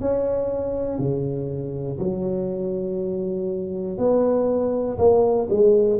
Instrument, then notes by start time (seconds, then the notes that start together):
tuba
0.00 C#4
0.99 C#3
2.00 F#3
3.98 B3
4.98 A#3
5.50 G#3